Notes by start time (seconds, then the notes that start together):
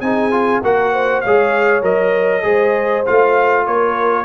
0.00 C4 D#4 G#4 G#5
0.31 F4
0.62 A#3 F#4 A#4 F#5
0.93 C5
1.20 G#3 G#4 C#5 F5
1.82 F#3 A#4 D#5
2.42 G#3 G#4 C5
3.05 A3 F4 F5
3.66 A#3 A#4 C#5